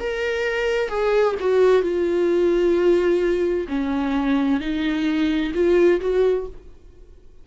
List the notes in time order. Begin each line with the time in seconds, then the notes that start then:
0.00 A#4
0.89 G#4
1.41 F#4
1.83 F4
3.69 C#4
4.61 D#4
5.55 F4
6.01 F#4